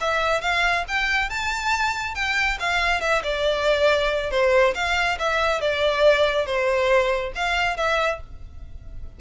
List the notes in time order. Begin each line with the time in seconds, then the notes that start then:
0.00 E5
0.41 F5
0.88 G5
1.29 A5
2.15 G5
2.59 F5
3.00 E5
3.23 D5
4.31 C5
4.75 F5
5.18 E5
5.60 D5
6.46 C5
7.35 F5
7.77 E5